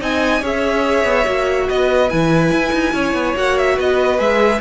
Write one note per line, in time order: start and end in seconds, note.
0.00 0.42 C4
0.00 0.42 D#4
0.00 0.41 D#5
0.00 0.45 G#5
0.41 1.05 C#4
0.41 1.25 G#4
0.41 1.67 C#5
0.41 1.69 E5
1.05 1.26 B3
1.25 1.69 A#3
1.25 2.09 F#4
1.69 2.12 B3
1.69 2.95 B4
1.69 2.10 D#5
2.10 2.52 E3
2.10 3.35 E4
2.10 3.36 G#5
2.52 2.73 E4
2.73 2.93 D#4
2.93 3.14 C#4
2.93 3.76 C#5
3.14 3.35 B3
3.35 3.78 A#3
3.35 4.18 F#4
3.35 3.58 F#5
3.58 3.79 E5
3.76 4.20 B3
3.76 4.60 B4
3.76 4.20 D#5
4.18 4.61 G#3
4.18 4.60 G#4
4.18 4.61 E5